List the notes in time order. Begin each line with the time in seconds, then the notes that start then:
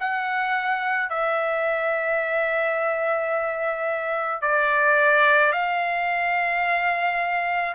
0.00 F#5
1.10 E5
4.41 D5
5.53 F5